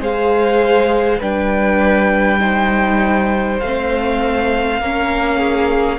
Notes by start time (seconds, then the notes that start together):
0.00 G#3 G#4 C5 F5
1.20 G3 D4 B4 G5
2.40 D#4 C5
3.60 A3 C4 F5
4.80 A#3 C#4 A#4
5.38 G#4